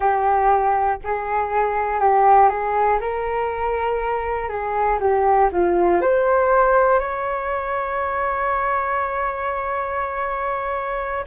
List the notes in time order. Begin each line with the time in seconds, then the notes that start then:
0.00 G4
1.04 G#4
2.00 G4
2.49 G#4
3.00 A#4
4.48 G#4
5.00 G4
5.51 F4
6.00 C5
7.00 C#5